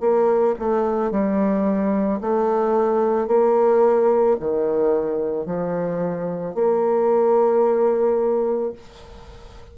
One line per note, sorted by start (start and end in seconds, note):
0.00 0.55 A#3
0.59 1.11 A3
1.11 2.20 G3
2.21 3.27 A3
3.27 4.36 A#3
4.40 5.46 D#3
5.46 6.55 F3
6.55 8.73 A#3